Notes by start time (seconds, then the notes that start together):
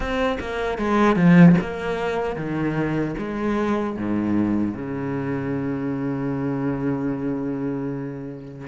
0.00 C4
0.39 A#3
0.78 G#3
1.16 F3
1.60 A#3
2.35 D#3
3.18 G#3
3.96 G#2
4.74 C#3